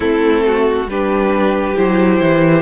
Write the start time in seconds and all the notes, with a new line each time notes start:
0.00 A3 C4 E4 A4
0.46 F#4
0.86 G3 D4 G4 B4
1.76 F#3 E4 C5
2.20 E3